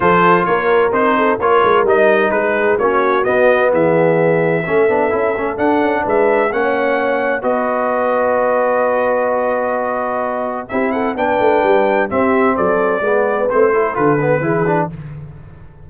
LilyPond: <<
  \new Staff \with { instrumentName = "trumpet" } { \time 4/4 \tempo 4 = 129 c''4 cis''4 c''4 cis''4 | dis''4 b'4 cis''4 dis''4 | e''1 | fis''4 e''4 fis''2 |
dis''1~ | dis''2. e''8 fis''8 | g''2 e''4 d''4~ | d''4 c''4 b'2 | }
  \new Staff \with { instrumentName = "horn" } { \time 4/4 a'4 ais'4. a'8 ais'4~ | ais'4 gis'4 fis'2 | gis'2 a'2~ | a'4 b'4 cis''2 |
b'1~ | b'2. g'8 a'8 | b'2 g'4 a'4 | b'4. a'4. gis'4 | }
  \new Staff \with { instrumentName = "trombone" } { \time 4/4 f'2 dis'4 f'4 | dis'2 cis'4 b4~ | b2 cis'8 d'8 e'8 cis'8 | d'2 cis'2 |
fis'1~ | fis'2. e'4 | d'2 c'2 | b4 c'8 e'8 f'8 b8 e'8 d'8 | }
  \new Staff \with { instrumentName = "tuba" } { \time 4/4 f4 ais4 c'4 ais8 gis8 | g4 gis4 ais4 b4 | e2 a8 b8 cis'8 a8 | d'8 cis'8 gis4 ais2 |
b1~ | b2. c'4 | b8 a8 g4 c'4 fis4 | gis4 a4 d4 e4 | }
>>